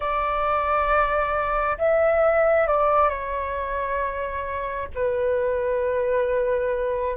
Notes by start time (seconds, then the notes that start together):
0.00 D5
1.78 E5
2.67 D5
3.09 C#5
4.95 B4